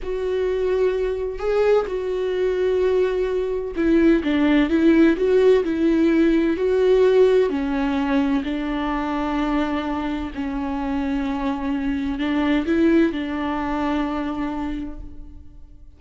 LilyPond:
\new Staff \with { instrumentName = "viola" } { \time 4/4 \tempo 4 = 128 fis'2. gis'4 | fis'1 | e'4 d'4 e'4 fis'4 | e'2 fis'2 |
cis'2 d'2~ | d'2 cis'2~ | cis'2 d'4 e'4 | d'1 | }